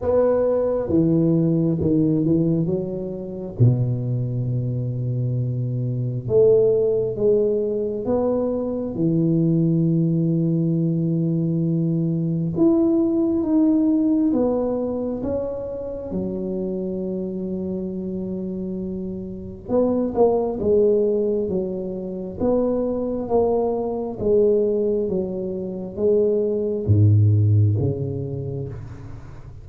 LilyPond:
\new Staff \with { instrumentName = "tuba" } { \time 4/4 \tempo 4 = 67 b4 e4 dis8 e8 fis4 | b,2. a4 | gis4 b4 e2~ | e2 e'4 dis'4 |
b4 cis'4 fis2~ | fis2 b8 ais8 gis4 | fis4 b4 ais4 gis4 | fis4 gis4 gis,4 cis4 | }